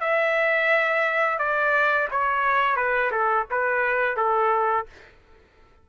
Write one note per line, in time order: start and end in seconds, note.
0.00 1.38 E5
1.38 2.08 D5
2.11 2.76 C#5
2.76 3.11 B4
3.11 3.46 A4
3.50 4.16 B4
4.16 4.86 A4